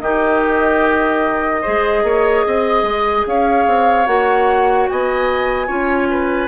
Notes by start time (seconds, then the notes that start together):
0.00 D#3 D#4 G4 D#5
1.61 G#3 G#4 C5
2.03 A#3 C#5
2.46 C4 D#5
2.82 G#3
3.27 C#4 C#5 F5
3.67 C4
4.06 A#3 F#4 F#5
4.89 B3 D#5 G#5
5.67 C#4 F4 C#5
6.10 B4